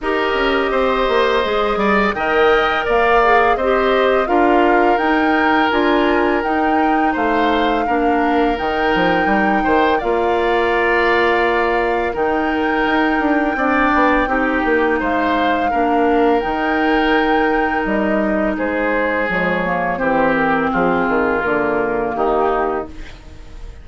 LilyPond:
<<
  \new Staff \with { instrumentName = "flute" } { \time 4/4 \tempo 4 = 84 dis''2. g''4 | f''4 dis''4 f''4 g''4 | gis''4 g''4 f''2 | g''2 f''2~ |
f''4 g''2.~ | g''4 f''2 g''4~ | g''4 dis''4 c''4 cis''4 | c''8 ais'8 gis'4 ais'4 g'4 | }
  \new Staff \with { instrumentName = "oboe" } { \time 4/4 ais'4 c''4. d''8 dis''4 | d''4 c''4 ais'2~ | ais'2 c''4 ais'4~ | ais'4. c''8 d''2~ |
d''4 ais'2 d''4 | g'4 c''4 ais'2~ | ais'2 gis'2 | g'4 f'2 dis'4 | }
  \new Staff \with { instrumentName = "clarinet" } { \time 4/4 g'2 gis'4 ais'4~ | ais'8 gis'8 g'4 f'4 dis'4 | f'4 dis'2 d'4 | dis'2 f'2~ |
f'4 dis'2 d'4 | dis'2 d'4 dis'4~ | dis'2. gis8 ais8 | c'2 ais2 | }
  \new Staff \with { instrumentName = "bassoon" } { \time 4/4 dis'8 cis'8 c'8 ais8 gis8 g8 dis4 | ais4 c'4 d'4 dis'4 | d'4 dis'4 a4 ais4 | dis8 f8 g8 dis8 ais2~ |
ais4 dis4 dis'8 d'8 c'8 b8 | c'8 ais8 gis4 ais4 dis4~ | dis4 g4 gis4 f4 | e4 f8 dis8 d4 dis4 | }
>>